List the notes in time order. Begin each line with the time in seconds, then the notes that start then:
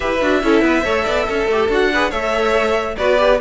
0.00 E4 G4 B4 E5
0.21 D4 F#4
0.43 C#4 E4 A4
0.61 B3 B4
0.83 A3 A4 C#5
1.04 B3 D5
1.26 C#4 A4
1.47 A3 G4
1.68 D4 F#4 F#5
1.93 G#4 B4
2.10 A3 A4 C#5 E5
2.97 B3 F#4 B4 D5
3.17 G4